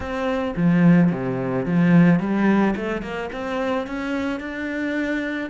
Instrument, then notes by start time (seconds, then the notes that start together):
cello
0.00 C4
0.56 F3
1.11 C3
1.65 F3
2.19 G3
2.75 A3
3.02 A#3
3.32 C4
3.86 C#4
4.39 D4